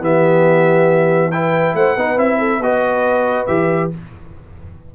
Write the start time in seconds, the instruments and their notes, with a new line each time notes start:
0.00 tuba E3, trombone B3, horn G4, trumpet E5
1.31 trombone E4, horn B4, trumpet G5
1.74 tuba A3, horn C5, trumpet F#5
1.96 tuba B3, trombone D#4, horn B4
2.17 tuba C4, trombone E4, trumpet E5
2.38 horn A4
2.59 tuba B3, trombone F#4, horn B4, trumpet D#5
3.46 tuba E3, trombone G4, trumpet E5